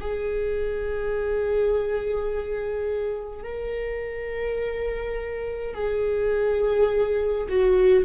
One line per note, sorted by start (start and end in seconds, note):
0.00 3.44 G#4
3.44 5.75 A#4
5.75 7.48 G#4
7.49 8.05 F#4